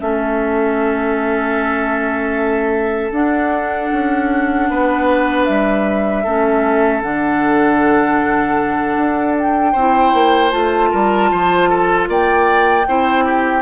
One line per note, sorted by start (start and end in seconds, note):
0.00 3.12 A3
0.00 3.12 C#4
0.00 4.70 A4
0.00 3.12 E5
3.12 3.90 D4
3.12 6.25 D4
3.12 5.46 F#5
3.93 4.70 C#4
4.70 5.48 B3
4.70 6.24 B4
5.46 6.25 G3
5.46 7.01 E5
6.24 7.03 A3
6.24 7.03 C#4
6.24 9.73 A4
7.03 8.98 D3
7.03 9.76 D4
7.03 9.37 F#5
8.98 9.75 D4
9.38 10.51 G5
9.73 10.14 C4
9.73 10.51 E4
9.73 10.90 C5
10.14 10.53 A#3
10.51 10.93 A3
10.51 12.85 F4
10.51 12.07 A5
10.92 11.32 G3
10.92 11.31 A#4
11.32 12.09 F3
11.32 11.70 C5
11.70 12.09 A4
12.09 12.87 A#3
12.09 12.88 D5
12.09 13.63 G5
12.88 13.63 C4
12.88 13.63 E4
12.88 13.25 C5
13.25 13.63 G4